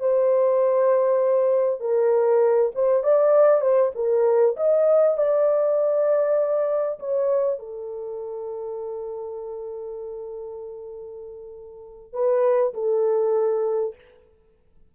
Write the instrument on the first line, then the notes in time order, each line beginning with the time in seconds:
horn
0.00 C5
1.80 A#4
2.75 C5
3.03 D5
3.61 C5
3.95 A#4
4.57 D#5
5.17 D5
6.99 C#5
7.59 A4
12.13 B4
12.74 A4